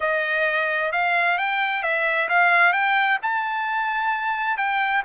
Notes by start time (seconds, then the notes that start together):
0.00 D#5
0.92 F5
1.38 G5
1.82 E5
2.28 F5
2.72 G5
3.22 A5
4.57 G5